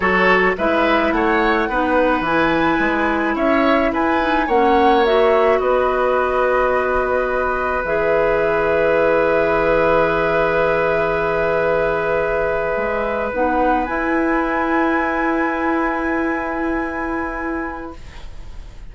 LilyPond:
<<
  \new Staff \with { instrumentName = "flute" } { \time 4/4 \tempo 4 = 107 cis''4 e''4 fis''2 | gis''2 e''4 gis''4 | fis''4 e''4 dis''2~ | dis''2 e''2~ |
e''1~ | e''2.~ e''8. fis''16~ | fis''8. gis''2.~ gis''16~ | gis''1 | }
  \new Staff \with { instrumentName = "oboe" } { \time 4/4 a'4 b'4 cis''4 b'4~ | b'2 cis''4 b'4 | cis''2 b'2~ | b'1~ |
b'1~ | b'1~ | b'1~ | b'1 | }
  \new Staff \with { instrumentName = "clarinet" } { \time 4/4 fis'4 e'2 dis'4 | e'2.~ e'8 dis'8 | cis'4 fis'2.~ | fis'2 gis'2~ |
gis'1~ | gis'2.~ gis'8. dis'16~ | dis'8. e'2.~ e'16~ | e'1 | }
  \new Staff \with { instrumentName = "bassoon" } { \time 4/4 fis4 gis4 a4 b4 | e4 gis4 cis'4 e'4 | ais2 b2~ | b2 e2~ |
e1~ | e2~ e8. gis4 b16~ | b8. e'2.~ e'16~ | e'1 | }
>>